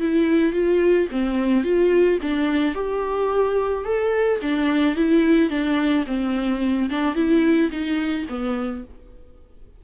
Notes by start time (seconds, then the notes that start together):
0.00 E4
0.52 F4
1.11 C4
1.64 F4
2.22 D4
2.74 G4
3.84 A4
4.42 D4
4.96 E4
5.50 D4
6.07 C4
6.90 D4
7.15 E4
7.71 D#4
8.29 B3